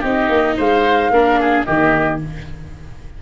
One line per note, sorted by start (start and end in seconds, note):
0.00 0.29 C4
0.00 1.12 D#4
0.00 0.54 G4
0.00 0.57 D#5
0.29 0.56 A#3
0.57 1.10 G#3
0.57 1.11 C5
0.57 1.65 F5
1.10 1.64 A#3
1.10 1.67 D4
1.10 1.40 A#4
1.40 1.66 G#4
1.65 2.22 D#3
1.65 2.21 A#3
1.65 2.20 G4
1.65 2.19 D#5